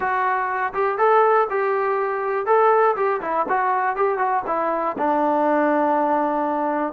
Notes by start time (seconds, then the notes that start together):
0.00 F#4
0.73 G4
0.98 A4
1.50 G4
2.46 A4
2.96 G4
3.21 E4
3.48 F#4
3.96 G4
4.18 F#4
4.47 E4
4.97 D4